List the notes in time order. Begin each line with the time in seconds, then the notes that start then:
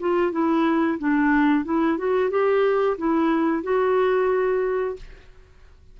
0.00 F4
0.32 E4
0.98 D4
1.65 E4
1.98 F#4
2.30 G4
2.98 E4
3.63 F#4